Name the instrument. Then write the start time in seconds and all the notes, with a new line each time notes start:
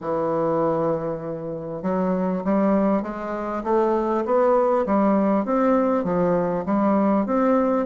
bassoon
0.00 E3
1.82 F#3
2.44 G3
3.02 G#3
3.63 A3
4.25 B3
4.85 G3
5.45 C4
6.04 F3
6.65 G3
7.26 C4